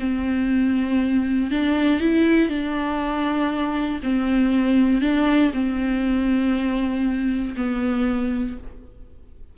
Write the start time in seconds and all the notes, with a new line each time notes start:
0.00 C4
1.51 D4
2.01 E4
2.49 D4
4.04 C4
5.02 D4
5.54 C4
7.57 B3